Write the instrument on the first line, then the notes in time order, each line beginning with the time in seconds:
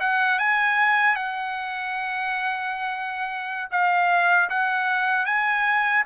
trumpet
0.00 F#5
0.39 G#5
1.15 F#5
3.71 F5
4.49 F#5
5.25 G#5